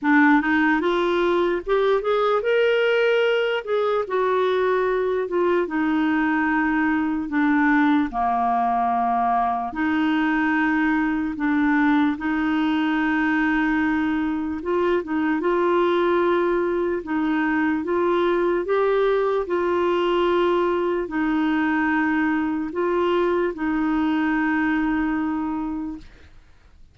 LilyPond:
\new Staff \with { instrumentName = "clarinet" } { \time 4/4 \tempo 4 = 74 d'8 dis'8 f'4 g'8 gis'8 ais'4~ | ais'8 gis'8 fis'4. f'8 dis'4~ | dis'4 d'4 ais2 | dis'2 d'4 dis'4~ |
dis'2 f'8 dis'8 f'4~ | f'4 dis'4 f'4 g'4 | f'2 dis'2 | f'4 dis'2. | }